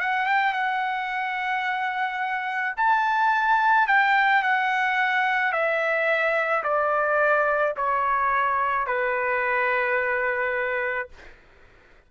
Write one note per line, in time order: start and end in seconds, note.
0.00 0.26 F#5
0.26 0.53 G5
0.53 2.75 F#5
2.77 3.87 A5
3.87 4.43 G5
4.43 5.52 F#5
5.52 6.63 E5
6.64 7.75 D5
7.77 8.87 C#5
8.87 11.09 B4